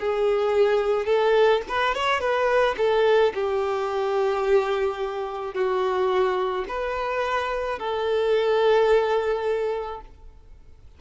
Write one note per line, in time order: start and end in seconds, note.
0.00 1.06 G#4
1.06 1.62 A4
1.69 1.95 B4
1.95 2.21 C#5
2.21 2.76 B4
2.78 3.33 A4
3.35 5.55 G4
5.55 6.66 F#4
6.69 7.79 B4
7.79 10.02 A4